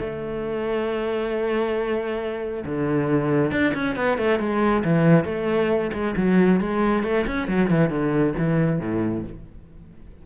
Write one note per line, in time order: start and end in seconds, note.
0.00 2.65 A3
2.66 3.52 D3
3.52 3.74 D4
3.74 3.96 C#4
3.96 4.18 B3
4.18 4.40 A3
4.40 4.84 G#3
4.84 5.25 E3
5.25 5.91 A3
5.93 6.15 G#3
6.17 6.60 F#3
6.60 7.04 G#3
7.04 7.26 A3
7.27 7.48 C#4
7.48 7.70 F#3
7.71 7.90 E3
7.90 8.34 D3
8.38 8.80 E3
8.80 9.24 A2